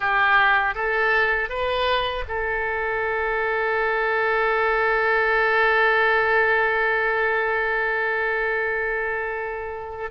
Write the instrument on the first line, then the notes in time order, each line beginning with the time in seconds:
oboe
0.00 G4
0.74 A4
1.49 B4
2.27 A4